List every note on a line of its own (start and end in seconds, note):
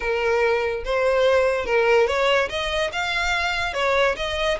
0.00 0.84 A#4
0.84 1.65 C5
1.65 2.07 A#4
2.07 2.48 C#5
2.49 2.91 D#5
2.92 3.73 F5
3.73 4.15 C#5
4.16 4.58 D#5